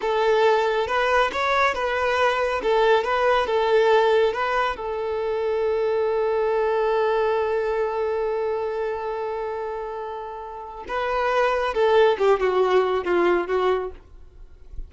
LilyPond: \new Staff \with { instrumentName = "violin" } { \time 4/4 \tempo 4 = 138 a'2 b'4 cis''4 | b'2 a'4 b'4 | a'2 b'4 a'4~ | a'1~ |
a'1~ | a'1~ | a'4 b'2 a'4 | g'8 fis'4. f'4 fis'4 | }